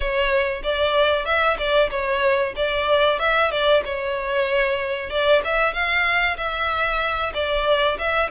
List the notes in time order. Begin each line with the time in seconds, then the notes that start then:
0.00 C#5
0.63 D5
1.25 E5
1.58 D5
1.90 C#5
2.55 D5
3.19 E5
3.51 D5
3.84 C#5
5.09 D5
5.44 E5
5.73 F5
6.37 E5
7.34 D5
7.98 E5